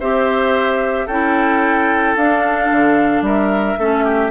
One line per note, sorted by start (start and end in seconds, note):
0.00 1.08 C4
0.00 1.09 G4
0.00 1.06 C5
0.00 1.07 E5
1.06 2.16 C#4
1.06 2.19 E4
1.06 3.23 A4
1.06 2.15 G5
2.16 2.70 D4
2.16 3.80 D4
2.16 3.24 F5
2.72 3.22 D3
3.22 3.76 G3
3.22 3.79 A#4
3.22 4.31 E5
3.78 4.31 A3
3.78 4.31 C#4
3.78 4.05 A4
4.05 4.31 G4